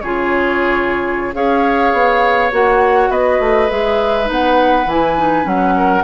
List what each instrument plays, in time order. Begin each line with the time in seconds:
0.00 bassoon C#3, clarinet F4, oboe G#4, flute C#5
1.33 bassoon C#4, clarinet G#4, oboe C#5, flute F5
1.92 bassoon B3
2.51 bassoon A#3, clarinet F#4, flute F#5
3.09 bassoon B3, oboe B4, flute D#5
3.39 bassoon A3
3.69 bassoon G#3, clarinet G#4, flute E5
4.24 bassoon B3, clarinet D#4, flute F#5
4.86 bassoon E3, clarinet E4, flute G#5
5.17 clarinet D#4
5.43 bassoon F#3, clarinet C#4, flute F#5
5.76 oboe A#4